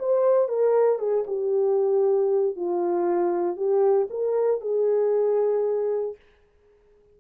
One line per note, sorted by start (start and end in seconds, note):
0.00 0.49 C5
0.49 0.99 A#4
0.99 1.25 G#4
1.27 2.57 G4
2.57 3.57 F4
3.57 4.09 G4
4.10 4.61 A#4
4.61 6.16 G#4